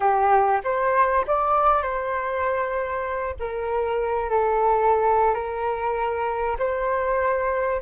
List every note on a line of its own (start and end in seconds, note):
0.00 0.60 G4
0.64 1.25 C5
1.27 1.82 D5
1.82 3.35 C5
3.39 4.29 A#4
4.29 5.34 A4
5.34 6.56 A#4
6.58 7.81 C5